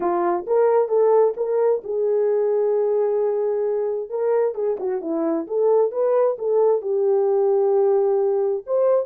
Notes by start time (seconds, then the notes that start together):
0.00 F4
0.46 A#4
0.88 A4
1.36 A#4
1.83 G#4
4.09 A#4
4.54 G#4
4.79 F#4
5.01 E4
5.47 A4
5.91 B4
6.38 A4
6.81 G4
8.66 C5